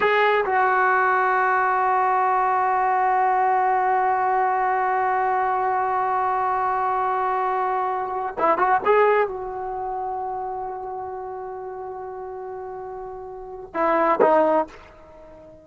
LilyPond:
\new Staff \with { instrumentName = "trombone" } { \time 4/4 \tempo 4 = 131 gis'4 fis'2.~ | fis'1~ | fis'1~ | fis'1~ |
fis'2~ fis'16 e'8 fis'8 gis'8.~ | gis'16 fis'2.~ fis'8.~ | fis'1~ | fis'2 e'4 dis'4 | }